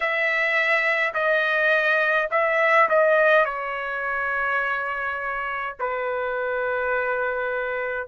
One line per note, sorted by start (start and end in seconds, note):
0.00 1.13 E5
1.13 2.29 D#5
2.31 2.88 E5
2.88 3.45 D#5
3.45 5.76 C#5
5.79 8.07 B4